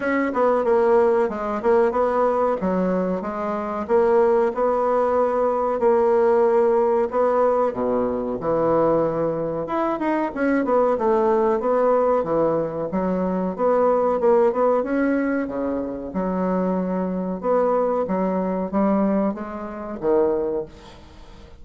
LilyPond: \new Staff \with { instrumentName = "bassoon" } { \time 4/4 \tempo 4 = 93 cis'8 b8 ais4 gis8 ais8 b4 | fis4 gis4 ais4 b4~ | b4 ais2 b4 | b,4 e2 e'8 dis'8 |
cis'8 b8 a4 b4 e4 | fis4 b4 ais8 b8 cis'4 | cis4 fis2 b4 | fis4 g4 gis4 dis4 | }